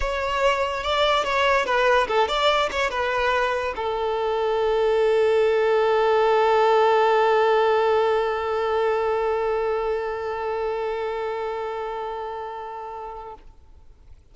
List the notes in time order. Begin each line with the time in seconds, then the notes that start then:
0.00 C#5
0.83 D5
1.24 C#5
1.65 B4
2.07 A4
2.27 D5
2.71 C#5
2.90 B4
3.76 A4